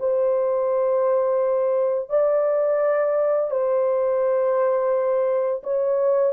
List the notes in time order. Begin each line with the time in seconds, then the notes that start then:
0.00 C5
2.10 D5
3.51 C5
5.64 C#5